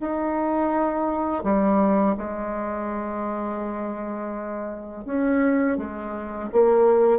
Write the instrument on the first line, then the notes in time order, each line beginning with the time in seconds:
bassoon
0.00 D#4
1.43 G3
2.17 G#3
5.05 C#4
5.77 G#3
6.52 A#3